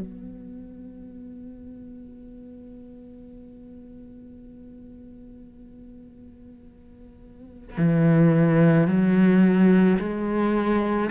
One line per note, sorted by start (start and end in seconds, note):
0.00 7.77 B3
7.77 8.87 E3
8.87 9.98 F#3
9.99 11.10 G#3